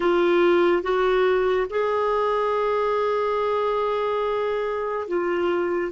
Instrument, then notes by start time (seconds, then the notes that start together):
clarinet
0.00 F4
0.82 F#4
1.70 G#4
5.07 F4